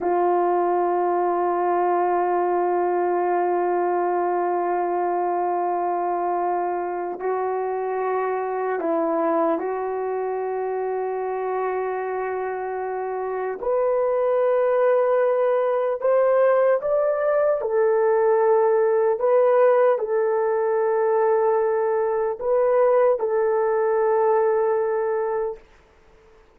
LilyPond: \new Staff \with { instrumentName = "horn" } { \time 4/4 \tempo 4 = 75 f'1~ | f'1~ | f'4 fis'2 e'4 | fis'1~ |
fis'4 b'2. | c''4 d''4 a'2 | b'4 a'2. | b'4 a'2. | }